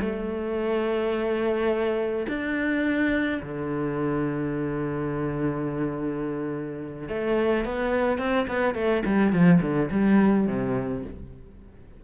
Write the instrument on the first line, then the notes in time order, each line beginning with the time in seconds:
cello
0.00 A3
2.28 D4
3.42 D3
7.09 A3
7.65 B3
8.18 C4
8.47 B3
8.75 A3
9.05 G3
9.32 F3
9.61 D3
9.91 G3
10.47 C3